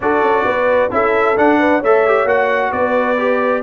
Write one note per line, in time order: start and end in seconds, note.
0.00 0.21 D4
0.00 0.90 F#4
0.00 0.45 A4
0.00 0.92 D5
0.21 0.44 C#4
0.45 0.90 B3
0.45 0.90 B4
0.90 1.37 C#4
0.90 1.36 E4
0.90 1.59 A4
0.90 1.37 E5
1.37 1.82 D4
1.37 1.83 F#5
1.59 1.79 B4
1.79 2.25 A3
1.79 2.70 C#5
1.79 2.27 E5
1.85 2.07 A4
2.07 2.26 G4
2.25 2.70 A#3
2.25 3.17 F#4
2.25 2.72 F#5
2.71 3.62 B3
2.71 3.62 B4
2.71 3.62 D5
3.18 3.62 G4